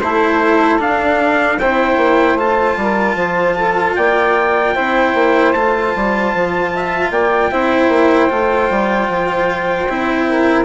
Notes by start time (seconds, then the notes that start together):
0.00 A3 E4 A4 C5
0.79 D4 F5
1.59 C4 E4 C5 G5
1.97 A#3
2.35 A3 F4 A5
2.76 G3 A#4
3.15 F3 C5
3.57 A4
3.96 A#3 D5 G5
4.74 C4 E4 C5
5.15 A#3
5.53 A3 F4 A5
5.96 G3
6.34 F3
6.75 E5
7.11 A#3 D5 G5
7.51 C4 E4 C5
7.88 A#3
8.30 A3 F4
8.70 G3
9.09 F3
9.89 C4 E4
10.29 A#4